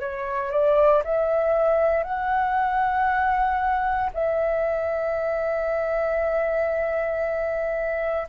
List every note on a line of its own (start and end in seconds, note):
0.00 0.51 C#5
0.51 1.03 D5
1.04 2.04 E5
2.04 4.11 F#5
4.14 8.28 E5